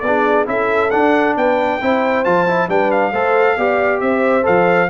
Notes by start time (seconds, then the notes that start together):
0.00 B3 G#4 D5
0.06 D4
0.46 C#4 E4 A4 E5
0.90 D4 F#5
1.36 B3 B4 G5
1.81 C4 E4 C5
2.24 F3 F4 A5
2.47 E4
2.68 G3 D4 B4 G5
2.91 F5
3.12 A3 A4 C5
3.57 B3 G4 D5
4.00 C4 C5 E5
4.43 F3 A4 F5